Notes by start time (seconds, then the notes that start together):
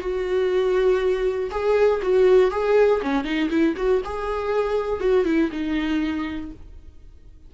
0.00 F#4
1.51 G#4
2.02 F#4
2.51 G#4
3.02 C#4
3.24 D#4
3.50 E4
3.76 F#4
4.04 G#4
5.00 F#4
5.25 E4
5.51 D#4